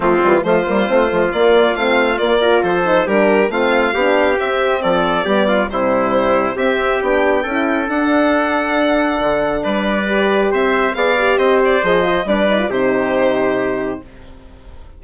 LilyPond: <<
  \new Staff \with { instrumentName = "violin" } { \time 4/4 \tempo 4 = 137 f'4 c''2 d''4 | f''4 d''4 c''4 ais'4 | f''2 e''4 d''4~ | d''4 c''2 e''4 |
g''2 fis''2~ | fis''2 d''2 | e''4 f''4 dis''8 d''8 dis''4 | d''4 c''2. | }
  \new Staff \with { instrumentName = "trumpet" } { \time 4/4 c'4 f'2.~ | f'4. ais'8 a'4 g'4 | f'4 g'2 a'4 | g'8 f'8 e'2 g'4~ |
g'4 a'2.~ | a'2 b'2 | c''4 d''4 c''2 | b'4 g'2. | }
  \new Staff \with { instrumentName = "horn" } { \time 4/4 a8 g8 a8 ais8 c'8 a8 ais4 | c'4 ais8 f'4 dis'8 d'4 | c'4 d'4 c'2 | b4 g2 c'4 |
d'4 e'4 d'2~ | d'2. g'4~ | g'4 gis'8 g'4. gis'8 f'8 | d'8 dis'16 f'16 dis'2. | }
  \new Staff \with { instrumentName = "bassoon" } { \time 4/4 f8 e8 f8 g8 a8 f8 ais4 | a4 ais4 f4 g4 | a4 b4 c'4 f4 | g4 c2 c'4 |
b4 cis'4 d'2~ | d'4 d4 g2 | c'4 b4 c'4 f4 | g4 c2. | }
>>